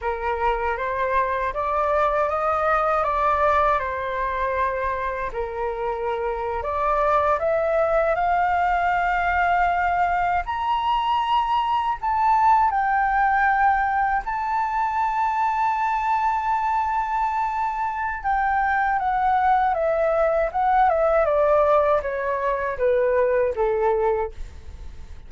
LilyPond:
\new Staff \with { instrumentName = "flute" } { \time 4/4 \tempo 4 = 79 ais'4 c''4 d''4 dis''4 | d''4 c''2 ais'4~ | ais'8. d''4 e''4 f''4~ f''16~ | f''4.~ f''16 ais''2 a''16~ |
a''8. g''2 a''4~ a''16~ | a''1 | g''4 fis''4 e''4 fis''8 e''8 | d''4 cis''4 b'4 a'4 | }